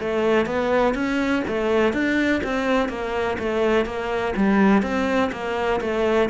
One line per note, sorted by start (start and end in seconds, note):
0.00 0.46 A3
0.46 0.94 B3
0.94 1.43 C#4
1.47 1.93 A3
1.93 2.41 D4
2.43 2.89 C4
2.89 3.37 A#3
3.39 3.85 A3
3.85 4.34 A#3
4.36 4.82 G3
4.82 5.30 C4
5.31 5.80 A#3
5.81 6.29 A3